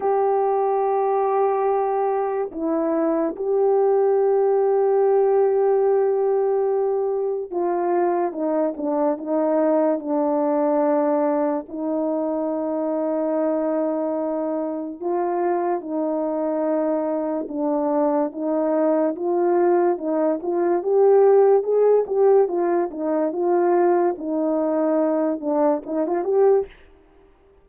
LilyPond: \new Staff \with { instrumentName = "horn" } { \time 4/4 \tempo 4 = 72 g'2. e'4 | g'1~ | g'4 f'4 dis'8 d'8 dis'4 | d'2 dis'2~ |
dis'2 f'4 dis'4~ | dis'4 d'4 dis'4 f'4 | dis'8 f'8 g'4 gis'8 g'8 f'8 dis'8 | f'4 dis'4. d'8 dis'16 f'16 g'8 | }